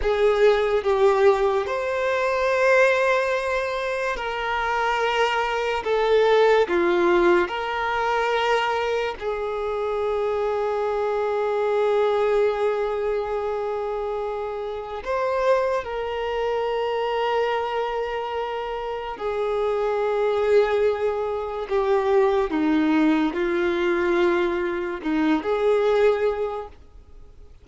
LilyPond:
\new Staff \with { instrumentName = "violin" } { \time 4/4 \tempo 4 = 72 gis'4 g'4 c''2~ | c''4 ais'2 a'4 | f'4 ais'2 gis'4~ | gis'1~ |
gis'2 c''4 ais'4~ | ais'2. gis'4~ | gis'2 g'4 dis'4 | f'2 dis'8 gis'4. | }